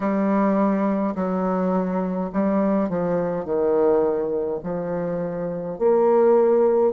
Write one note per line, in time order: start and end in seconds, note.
0.00 1.14 G3
1.15 2.30 F#3
2.32 2.89 G3
2.89 3.44 F3
3.44 4.59 D#3
4.63 5.78 F3
5.78 6.92 A#3